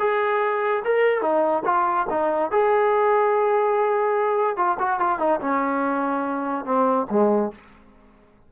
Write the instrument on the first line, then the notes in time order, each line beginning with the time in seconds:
trombone
0.00 G#4
0.85 A#4
1.22 D#4
1.65 F4
2.10 D#4
2.52 G#4
4.57 F4
4.80 F#4
5.00 F4
5.20 D#4
5.41 C#4
6.66 C4
7.11 G#3